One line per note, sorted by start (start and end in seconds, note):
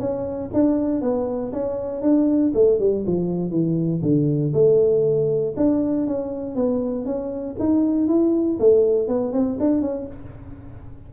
0.00 0.50 C#4
0.54 1.02 D4
1.02 1.52 B3
1.53 2.02 C#4
2.02 2.53 D4
2.55 2.80 A3
2.80 3.05 G3
3.07 3.51 F3
3.51 4.02 E3
4.02 4.53 D3
4.54 5.55 A3
5.57 6.07 D4
6.07 6.56 C#4
6.56 7.05 B3
7.05 7.56 C#4
7.60 8.08 D#4
8.08 8.59 E4
8.60 9.08 A3
9.08 9.33 B3
9.33 9.58 C4
9.60 9.82 D4
9.82 10.07 C#4